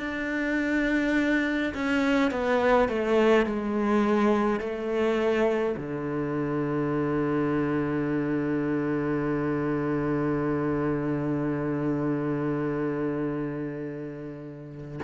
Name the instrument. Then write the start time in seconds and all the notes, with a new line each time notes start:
cello
0.00 D4
1.75 C#4
2.31 B3
2.89 A3
3.46 G#3
4.60 A3
5.77 D3